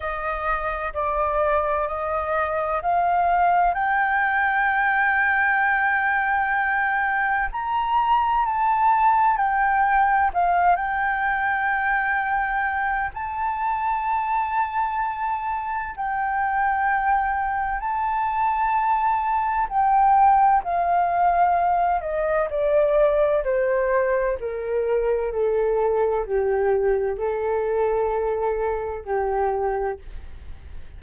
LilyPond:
\new Staff \with { instrumentName = "flute" } { \time 4/4 \tempo 4 = 64 dis''4 d''4 dis''4 f''4 | g''1 | ais''4 a''4 g''4 f''8 g''8~ | g''2 a''2~ |
a''4 g''2 a''4~ | a''4 g''4 f''4. dis''8 | d''4 c''4 ais'4 a'4 | g'4 a'2 g'4 | }